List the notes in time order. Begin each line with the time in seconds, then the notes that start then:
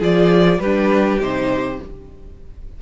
0.00 F3 F4 G#4 D5
0.59 G3 D4 G4 B4
1.20 C3 D#4 C5